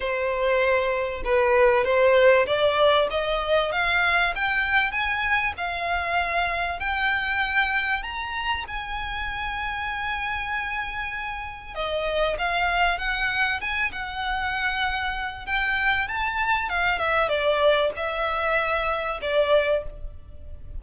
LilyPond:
\new Staff \with { instrumentName = "violin" } { \time 4/4 \tempo 4 = 97 c''2 b'4 c''4 | d''4 dis''4 f''4 g''4 | gis''4 f''2 g''4~ | g''4 ais''4 gis''2~ |
gis''2. dis''4 | f''4 fis''4 gis''8 fis''4.~ | fis''4 g''4 a''4 f''8 e''8 | d''4 e''2 d''4 | }